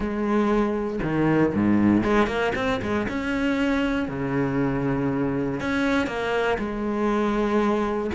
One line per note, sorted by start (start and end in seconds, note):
0.00 0.99 G#3
1.02 1.53 D#3
1.54 2.03 G#2
2.03 2.27 G#3
2.27 2.52 A#3
2.55 2.80 C4
2.82 3.07 G#3
3.08 4.08 C#4
4.08 5.60 C#3
5.60 6.06 C#4
6.06 6.57 A#3
6.58 8.11 G#3